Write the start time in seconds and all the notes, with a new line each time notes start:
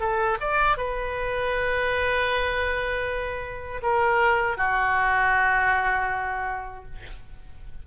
0.00 A4
0.40 D5
0.77 B4
3.83 A#4
4.57 F#4